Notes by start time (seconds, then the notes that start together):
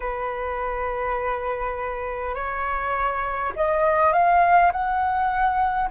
0.00 B4
2.34 C#5
3.56 D#5
4.12 F5
4.72 F#5